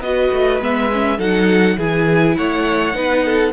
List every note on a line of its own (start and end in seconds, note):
0.00 0.29 B3
0.00 0.61 F#4
0.00 1.18 B4
0.00 0.62 D#5
0.33 0.61 A3
0.61 1.19 G#3
0.61 0.91 B3
0.61 1.20 E5
0.93 1.19 C#4
1.18 1.77 F#3
1.18 1.78 D#4
1.18 1.77 A4
1.18 1.79 F#5
1.78 2.37 E3
1.78 2.94 E4
1.78 2.37 G#4
1.78 2.37 G#5
2.37 2.94 A3
2.37 2.96 C#5
2.37 3.53 F#5
2.94 3.53 B3
2.94 3.53 D#4
2.94 3.26 B4
3.26 3.53 A4